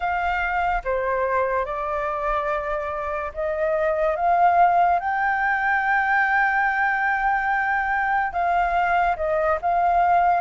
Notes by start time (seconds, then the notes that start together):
0.00 F5
0.84 C5
1.65 D5
3.33 D#5
4.16 F5
4.99 G5
8.32 F5
9.16 D#5
9.61 F5